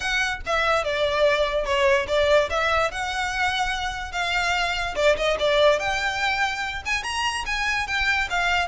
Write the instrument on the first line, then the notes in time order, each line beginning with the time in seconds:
violin
0.00 F#5
0.46 E5
0.84 D5
1.65 C#5
2.07 D5
2.49 E5
2.91 F#5
4.12 F5
4.95 D5
5.16 D#5
5.39 D5
5.79 G5
6.85 G#5
7.03 A#5
7.46 G#5
7.87 G5
8.29 F5